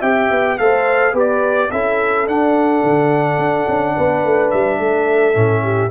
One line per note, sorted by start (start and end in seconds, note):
0.00 0.30 C4
0.00 0.58 G4
0.00 0.56 E5
0.00 0.58 G5
0.31 0.59 B3
0.59 1.14 A3
0.59 1.14 A4
0.59 1.13 C5
0.59 1.15 F5
1.13 1.70 B3
1.13 1.70 G4
1.13 1.69 B4
1.19 1.71 D5
1.71 2.27 C#4
1.71 2.27 E4
1.71 3.95 A4
1.71 2.27 E5
2.27 2.83 D4
2.27 5.34 D4
2.27 4.51 F#5
2.84 3.38 D3
3.38 3.66 D4
3.68 3.96 C#4
3.95 4.24 B3
3.95 4.79 B4
4.24 4.52 A3
4.51 4.79 G3
4.51 5.91 E5
4.79 5.35 A3
4.79 5.63 A4
5.34 5.91 A2
5.34 5.90 C#4
5.63 5.91 G4